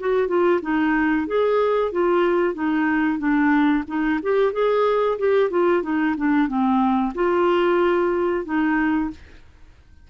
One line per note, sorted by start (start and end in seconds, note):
0.00 0.28 F#4
0.28 0.60 F4
0.62 1.27 D#4
1.27 1.92 G#4
1.92 2.54 F4
2.54 3.19 D#4
3.19 3.84 D4
3.87 4.20 D#4
4.23 4.53 G4
4.53 5.18 G#4
5.19 5.50 G4
5.50 5.83 F4
5.83 6.15 D#4
6.17 6.48 D4
6.48 7.13 C4
7.15 8.45 F4
8.45 9.10 D#4